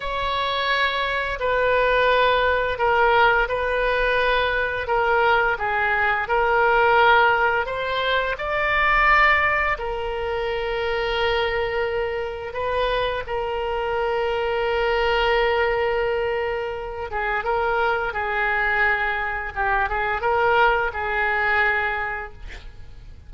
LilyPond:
\new Staff \with { instrumentName = "oboe" } { \time 4/4 \tempo 4 = 86 cis''2 b'2 | ais'4 b'2 ais'4 | gis'4 ais'2 c''4 | d''2 ais'2~ |
ais'2 b'4 ais'4~ | ais'1~ | ais'8 gis'8 ais'4 gis'2 | g'8 gis'8 ais'4 gis'2 | }